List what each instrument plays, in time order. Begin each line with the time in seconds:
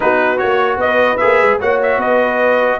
0.00 tuba B3, trombone D#4, horn F#4, trumpet B4
0.37 tuba A#3, trombone F#4, trumpet C#5
0.77 tuba B3, trumpet D#5
0.85 horn B4
1.17 tuba A#3, trombone G#4, trumpet E5
1.42 tuba G#3
1.60 tuba A#3, trombone F#4, horn C#5, trumpet F#5
1.82 trumpet E5
1.97 tuba B3, horn B4, trumpet D#5